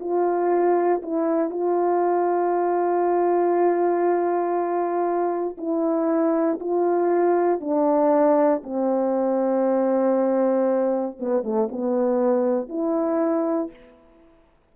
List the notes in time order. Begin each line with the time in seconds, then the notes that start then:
0.00 F4
1.03 E4
1.50 F4
5.58 E4
6.61 F4
7.61 D4
8.64 C4
11.20 B3
11.44 A3
11.72 B3
12.69 E4